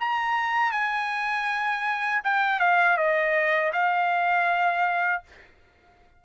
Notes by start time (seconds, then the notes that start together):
0.00 A#5
0.72 G#5
2.24 G5
2.59 F5
2.97 D#5
3.73 F5